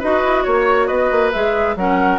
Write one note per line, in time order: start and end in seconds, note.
0.00 0.24 D#4
0.00 1.33 F#4
0.00 0.44 B4
0.00 0.44 D#5
0.24 0.46 E4
0.44 0.90 A#3
0.44 0.87 C#5
0.44 0.88 C#5
0.87 1.11 B3
0.87 1.76 B4
0.87 1.31 D#5
1.11 1.33 A#3
1.33 1.76 G#3
1.33 1.77 G#4
1.33 1.76 E5
1.76 2.20 F#3
1.76 2.20 C#4
1.76 2.20 A#4
1.76 2.20 F#5